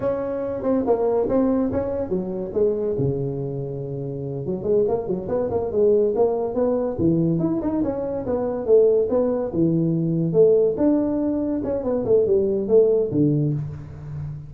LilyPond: \new Staff \with { instrumentName = "tuba" } { \time 4/4 \tempo 4 = 142 cis'4. c'8 ais4 c'4 | cis'4 fis4 gis4 cis4~ | cis2~ cis8 fis8 gis8 ais8 | fis8 b8 ais8 gis4 ais4 b8~ |
b8 e4 e'8 dis'8 cis'4 b8~ | b8 a4 b4 e4.~ | e8 a4 d'2 cis'8 | b8 a8 g4 a4 d4 | }